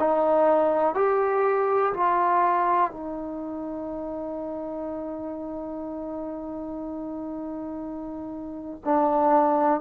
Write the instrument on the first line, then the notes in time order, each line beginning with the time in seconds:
trombone
0.00 D#4
0.95 G4
1.94 F4
2.92 D#4
8.85 D4